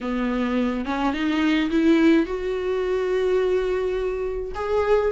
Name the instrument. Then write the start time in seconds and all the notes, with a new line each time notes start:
viola
0.01 B3
0.85 C#4
1.13 D#4
1.70 E4
2.26 F#4
4.54 G#4